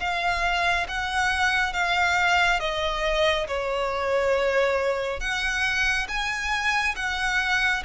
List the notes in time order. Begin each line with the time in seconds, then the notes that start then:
0.00 F5
0.89 F#5
1.74 F5
2.60 D#5
3.47 C#5
5.20 F#5
6.08 G#5
6.96 F#5